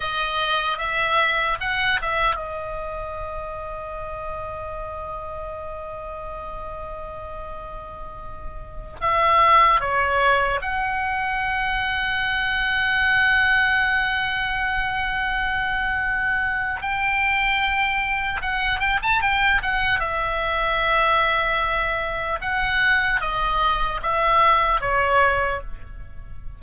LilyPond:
\new Staff \with { instrumentName = "oboe" } { \time 4/4 \tempo 4 = 75 dis''4 e''4 fis''8 e''8 dis''4~ | dis''1~ | dis''2.~ dis''16 e''8.~ | e''16 cis''4 fis''2~ fis''8.~ |
fis''1~ | fis''4 g''2 fis''8 g''16 a''16 | g''8 fis''8 e''2. | fis''4 dis''4 e''4 cis''4 | }